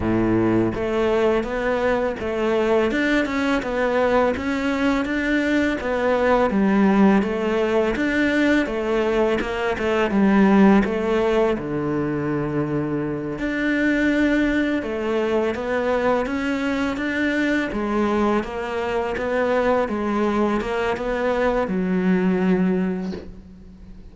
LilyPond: \new Staff \with { instrumentName = "cello" } { \time 4/4 \tempo 4 = 83 a,4 a4 b4 a4 | d'8 cis'8 b4 cis'4 d'4 | b4 g4 a4 d'4 | a4 ais8 a8 g4 a4 |
d2~ d8 d'4.~ | d'8 a4 b4 cis'4 d'8~ | d'8 gis4 ais4 b4 gis8~ | gis8 ais8 b4 fis2 | }